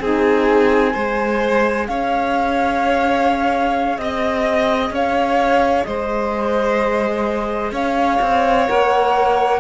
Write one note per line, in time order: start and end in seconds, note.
0.00 0.94 C4
0.00 0.93 D#4
0.00 0.93 G#4
0.00 1.87 G#5
0.93 1.88 G#3
0.93 8.66 G#4
0.93 1.87 C5
1.87 3.98 C#4
1.87 4.00 C#5
1.87 3.97 F5
3.97 4.90 C4
3.97 4.91 D#5
3.97 4.94 D#5
4.90 5.84 C#4
4.90 5.86 C#5
4.90 5.84 F5
5.84 7.71 G#3
5.84 7.73 C5
5.84 7.71 D#5
7.71 8.18 C#4
7.71 9.60 C#5
7.71 8.67 F5
8.21 8.68 C4
8.67 9.60 A#3
8.67 9.60 A#4
8.67 9.60 F#5